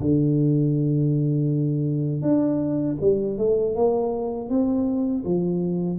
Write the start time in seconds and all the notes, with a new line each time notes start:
0.00 D3
2.22 D4
3.01 G3
3.38 A3
3.76 A#3
4.49 C4
5.25 F3